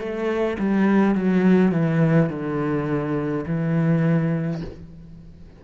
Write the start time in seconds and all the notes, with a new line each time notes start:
0.00 A3
0.59 G3
1.15 F#3
1.72 E3
2.30 D3
3.47 E3